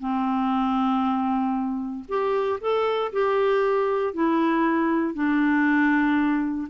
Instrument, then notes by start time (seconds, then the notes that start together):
clarinet
0.00 C4
2.09 G4
2.61 A4
3.13 G4
4.14 E4
5.15 D4